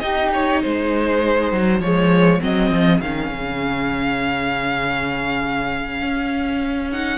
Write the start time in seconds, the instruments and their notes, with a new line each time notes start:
0.00 viola D#4, cello D#4, flute G4, violin D#5
0.34 violin C#5
0.62 cello G#3, flute G#4, violin C5
1.53 cello F#3
1.80 cello F3, viola G#3, violin C#5
2.41 cello F#3, viola C4, violin D#5
2.71 cello F3
3.01 cello D#3, viola C#4, violin F5
3.32 cello C#3
6.02 cello C#4
6.92 viola D#4, violin F#5